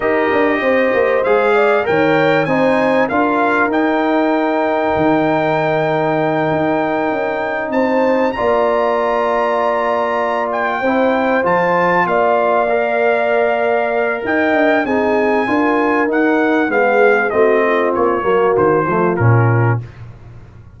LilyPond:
<<
  \new Staff \with { instrumentName = "trumpet" } { \time 4/4 \tempo 4 = 97 dis''2 f''4 g''4 | gis''4 f''4 g''2~ | g''1~ | g''8 a''4 ais''2~ ais''8~ |
ais''4 g''4. a''4 f''8~ | f''2. g''4 | gis''2 fis''4 f''4 | dis''4 cis''4 c''4 ais'4 | }
  \new Staff \with { instrumentName = "horn" } { \time 4/4 ais'4 c''4. d''8 cis''4 | c''4 ais'2.~ | ais'1~ | ais'8 c''4 d''2~ d''8~ |
d''4. c''2 d''8~ | d''2. dis''4 | gis'4 ais'2 gis'4 | fis'8 f'4 fis'4 f'4. | }
  \new Staff \with { instrumentName = "trombone" } { \time 4/4 g'2 gis'4 ais'4 | dis'4 f'4 dis'2~ | dis'1~ | dis'4. f'2~ f'8~ |
f'4. e'4 f'4.~ | f'8 ais'2.~ ais'8 | dis'4 f'4 dis'4 b4 | c'4. ais4 a8 cis'4 | }
  \new Staff \with { instrumentName = "tuba" } { \time 4/4 dis'8 d'8 c'8 ais8 gis4 dis4 | c'4 d'4 dis'2 | dis2~ dis8 dis'4 cis'8~ | cis'8 c'4 ais2~ ais8~ |
ais4. c'4 f4 ais8~ | ais2. dis'8 d'8 | c'4 d'4 dis'4 gis4 | a4 ais8 fis8 dis8 f8 ais,4 | }
>>